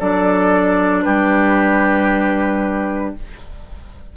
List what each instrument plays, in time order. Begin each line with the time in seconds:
0.00 bassoon F#3, clarinet D4, oboe A4, flute D5
1.03 bassoon G3, oboe G4, flute B4